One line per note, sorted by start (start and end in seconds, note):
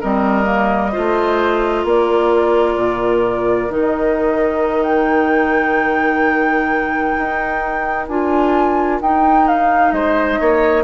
0.00 0.95 G3
0.00 0.43 C4
0.00 0.92 A#4
0.00 1.86 D#5
0.43 0.90 A#3
0.92 1.84 A3
0.92 3.69 F4
0.92 1.83 C5
1.83 2.75 A#3
1.83 9.91 A#4
1.83 3.72 D5
2.75 3.68 A#2
3.69 7.16 D#3
3.69 8.08 D#4
3.69 4.83 D#5
4.83 8.06 G5
7.17 8.08 D#4
8.07 9.00 D4
8.07 9.01 F4
8.07 9.00 G#5
9.00 9.92 D#4
9.00 10.83 D#4
9.00 9.47 G5
9.47 9.91 F5
9.91 10.38 G#3
9.91 10.40 C5
9.91 10.83 D#5
10.40 10.83 A#3
10.40 10.83 C#5